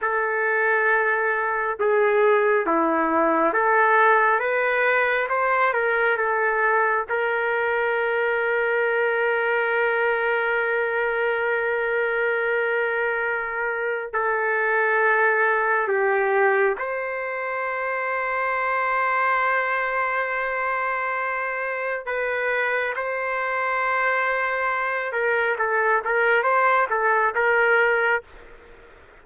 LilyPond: \new Staff \with { instrumentName = "trumpet" } { \time 4/4 \tempo 4 = 68 a'2 gis'4 e'4 | a'4 b'4 c''8 ais'8 a'4 | ais'1~ | ais'1 |
a'2 g'4 c''4~ | c''1~ | c''4 b'4 c''2~ | c''8 ais'8 a'8 ais'8 c''8 a'8 ais'4 | }